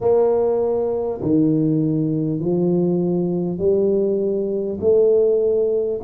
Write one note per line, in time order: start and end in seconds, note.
0.01 1.21 A#3
1.21 2.40 D#3
2.40 3.58 F3
3.58 4.78 G3
4.80 6.00 A3